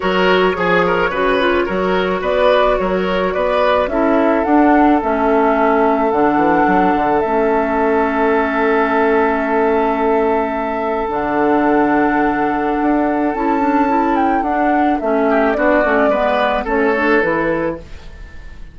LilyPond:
<<
  \new Staff \with { instrumentName = "flute" } { \time 4/4 \tempo 4 = 108 cis''1 | d''4 cis''4 d''4 e''4 | fis''4 e''2 fis''4~ | fis''4 e''2.~ |
e''1 | fis''1 | a''4. g''8 fis''4 e''4 | d''2 cis''4 b'4 | }
  \new Staff \with { instrumentName = "oboe" } { \time 4/4 ais'4 gis'8 ais'8 b'4 ais'4 | b'4 ais'4 b'4 a'4~ | a'1~ | a'1~ |
a'1~ | a'1~ | a'2.~ a'8 g'8 | fis'4 b'4 a'2 | }
  \new Staff \with { instrumentName = "clarinet" } { \time 4/4 fis'4 gis'4 fis'8 f'8 fis'4~ | fis'2. e'4 | d'4 cis'2 d'4~ | d'4 cis'2.~ |
cis'1 | d'1 | e'8 d'8 e'4 d'4 cis'4 | d'8 cis'8 b4 cis'8 d'8 e'4 | }
  \new Staff \with { instrumentName = "bassoon" } { \time 4/4 fis4 f4 cis4 fis4 | b4 fis4 b4 cis'4 | d'4 a2 d8 e8 | fis8 d8 a2.~ |
a1 | d2. d'4 | cis'2 d'4 a4 | b8 a8 gis4 a4 e4 | }
>>